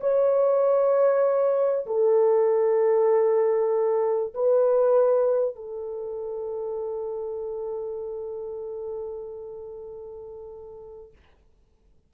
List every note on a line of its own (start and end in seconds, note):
0.00 1.86 C#5
1.86 4.34 A4
4.34 5.55 B4
5.55 11.12 A4